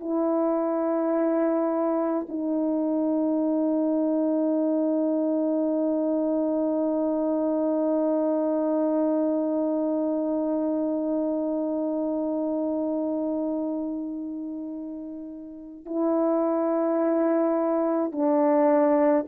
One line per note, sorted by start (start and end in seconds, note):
0.00 2.26 E4
2.29 15.86 D#4
15.86 18.12 E4
18.12 19.26 D4